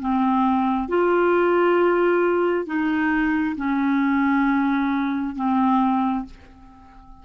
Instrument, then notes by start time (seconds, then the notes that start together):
clarinet
0.00 C4
0.88 F4
2.66 D#4
3.56 C#4
5.36 C4